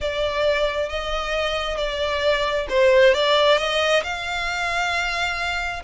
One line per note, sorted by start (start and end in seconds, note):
0.00 0.89 D5
0.89 1.77 D#5
1.77 2.66 D5
2.69 3.13 C5
3.13 3.57 D5
3.57 4.02 D#5
4.03 5.82 F5